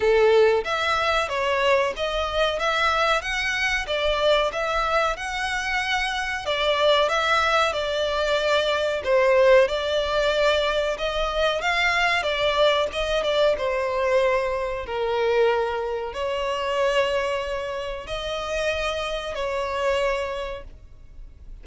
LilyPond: \new Staff \with { instrumentName = "violin" } { \time 4/4 \tempo 4 = 93 a'4 e''4 cis''4 dis''4 | e''4 fis''4 d''4 e''4 | fis''2 d''4 e''4 | d''2 c''4 d''4~ |
d''4 dis''4 f''4 d''4 | dis''8 d''8 c''2 ais'4~ | ais'4 cis''2. | dis''2 cis''2 | }